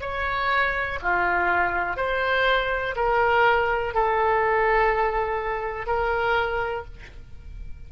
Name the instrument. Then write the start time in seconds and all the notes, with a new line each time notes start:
oboe
0.00 C#5
1.01 F4
1.96 C5
2.95 A#4
3.94 A4
5.86 A#4